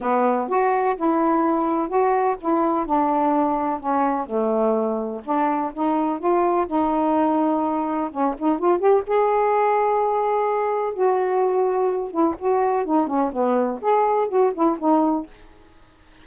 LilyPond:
\new Staff \with { instrumentName = "saxophone" } { \time 4/4 \tempo 4 = 126 b4 fis'4 e'2 | fis'4 e'4 d'2 | cis'4 a2 d'4 | dis'4 f'4 dis'2~ |
dis'4 cis'8 dis'8 f'8 g'8 gis'4~ | gis'2. fis'4~ | fis'4. e'8 fis'4 dis'8 cis'8 | b4 gis'4 fis'8 e'8 dis'4 | }